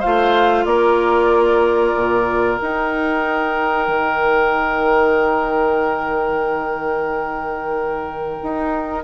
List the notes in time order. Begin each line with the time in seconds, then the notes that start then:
0.00 F4 C5 F5
0.06 A3
0.66 A#3 A#4 D5
1.96 A#2
2.59 D#4 G5
3.88 D#3
8.43 D#4